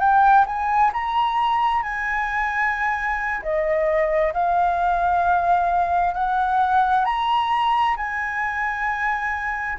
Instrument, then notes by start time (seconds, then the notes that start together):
flute
0.00 G5
0.46 G#5
0.93 A#5
1.83 G#5
3.43 D#5
4.34 F5
6.14 F#5
7.05 A#5
7.97 G#5